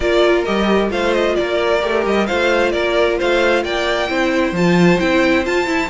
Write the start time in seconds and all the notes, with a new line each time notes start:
0.00 A#3 F4 A#4 D5
0.44 G3 G4 D#5
0.89 A3 F4 C5 F5
1.13 D#5
1.35 A#3 A#4 D5
1.81 A3 G4
2.05 G3 D#5
2.26 A3 F4 C5 F5
2.71 A#3 A#4 D5
3.18 A3 C5 F5
3.63 A#3 D5 G5
4.08 C4 E4 C5
4.52 F3 F4 A5
4.98 C4 E4 G5
5.44 F4 A5
5.66 E4